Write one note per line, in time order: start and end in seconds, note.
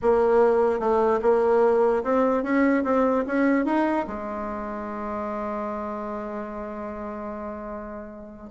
0.01 0.79 A#3
0.79 1.20 A3
1.22 2.03 A#3
2.03 2.43 C4
2.43 2.83 C#4
2.83 3.24 C4
3.27 3.65 C#4
3.65 4.05 D#4
4.07 8.50 G#3